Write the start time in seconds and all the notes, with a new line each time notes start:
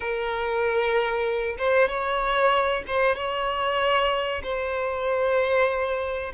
0.00 A#4
1.58 C5
1.88 C#5
2.87 C5
3.16 C#5
4.43 C5